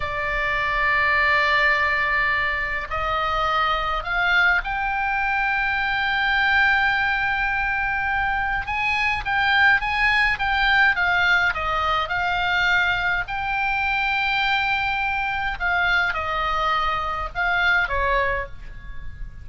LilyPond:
\new Staff \with { instrumentName = "oboe" } { \time 4/4 \tempo 4 = 104 d''1~ | d''4 dis''2 f''4 | g''1~ | g''2. gis''4 |
g''4 gis''4 g''4 f''4 | dis''4 f''2 g''4~ | g''2. f''4 | dis''2 f''4 cis''4 | }